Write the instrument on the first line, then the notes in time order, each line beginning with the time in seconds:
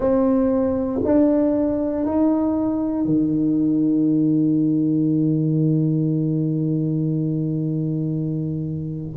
tuba
0.00 C4
1.04 D4
2.05 D#4
3.05 D#3